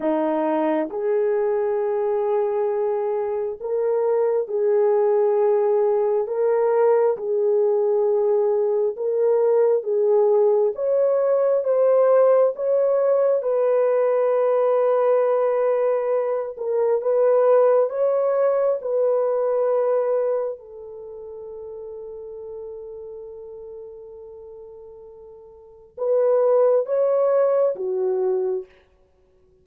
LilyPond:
\new Staff \with { instrumentName = "horn" } { \time 4/4 \tempo 4 = 67 dis'4 gis'2. | ais'4 gis'2 ais'4 | gis'2 ais'4 gis'4 | cis''4 c''4 cis''4 b'4~ |
b'2~ b'8 ais'8 b'4 | cis''4 b'2 a'4~ | a'1~ | a'4 b'4 cis''4 fis'4 | }